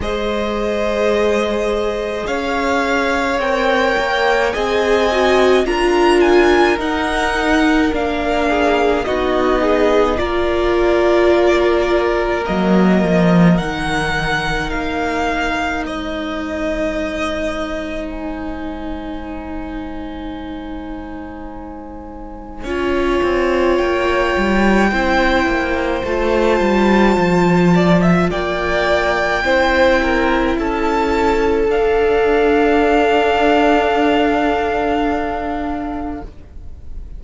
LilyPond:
<<
  \new Staff \with { instrumentName = "violin" } { \time 4/4 \tempo 4 = 53 dis''2 f''4 g''4 | gis''4 ais''8 gis''8 fis''4 f''4 | dis''4 d''2 dis''4 | fis''4 f''4 dis''2 |
gis''1~ | gis''4 g''2 a''4~ | a''4 g''2 a''4 | f''1 | }
  \new Staff \with { instrumentName = "violin" } { \time 4/4 c''2 cis''2 | dis''4 ais'2~ ais'8 gis'8 | fis'8 gis'8 ais'2.~ | ais'2 c''2~ |
c''1 | cis''2 c''2~ | c''8 d''16 e''16 d''4 c''8 ais'8 a'4~ | a'1 | }
  \new Staff \with { instrumentName = "viola" } { \time 4/4 gis'2. ais'4 | gis'8 fis'8 f'4 dis'4 d'4 | dis'4 f'2 ais4 | dis'1~ |
dis'1 | f'2 e'4 f'4~ | f'2 e'2 | d'1 | }
  \new Staff \with { instrumentName = "cello" } { \time 4/4 gis2 cis'4 c'8 ais8 | c'4 d'4 dis'4 ais4 | b4 ais2 fis8 f8 | dis4 ais4 gis2~ |
gis1 | cis'8 c'8 ais8 g8 c'8 ais8 a8 g8 | f4 ais4 c'4 cis'4 | d'1 | }
>>